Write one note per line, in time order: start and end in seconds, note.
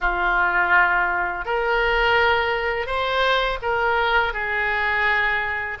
0.00 1.45 F4
1.45 2.86 A#4
2.86 3.58 C5
3.61 4.33 A#4
4.33 5.77 G#4